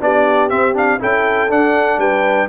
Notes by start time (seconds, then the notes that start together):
0.00 B3 D4 G4 D5
0.50 C4 E5
0.74 D4 F5
1.00 C#4 E4 A4 G5
1.49 D4 F#5
1.98 G3 B4 G5